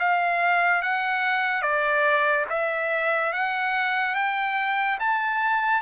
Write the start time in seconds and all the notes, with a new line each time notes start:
0.00 F5
0.82 F#5
1.62 D5
2.50 E5
3.33 F#5
4.15 G5
5.00 A5